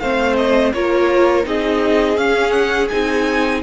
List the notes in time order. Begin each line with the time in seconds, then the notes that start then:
0.00 A3 C4 C5 F5
0.37 D#5
0.74 A#3 F4 A#4 C#5
1.44 C4 D#4 G#4 D#5
2.18 C#4 F5
2.51 F#5
2.89 C4 D#4 G#5